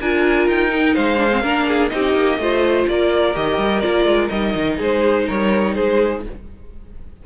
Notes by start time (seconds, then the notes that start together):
0.00 D4 F4 A#4 G#5
0.48 D#4 G5
0.70 D#4
0.95 G#3 C5 F5
1.17 D4
1.31 C4
1.42 A#3 D4 A#4
1.67 G#4
1.88 C4 D#4 G4 D#5
2.14 A#3
2.38 A3 F4 C5
2.87 A#3 A#4 D5
3.33 D#3 G4 D#5
3.57 G3
3.80 A#3 F4 D5
4.05 G#3
4.29 G3 D#4 D#5
4.55 D#3
4.76 G#3 G#4 C5
5.26 G3 A#4 C#5
5.75 G#3 G#4 C5